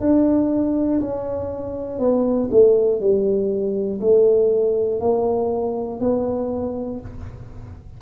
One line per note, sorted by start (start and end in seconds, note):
0.00 1.00 D4
1.00 1.99 C#4
1.99 2.49 B3
2.51 3.00 A3
3.00 4.00 G3
4.00 5.00 A3
5.00 6.00 A#3
6.00 7.00 B3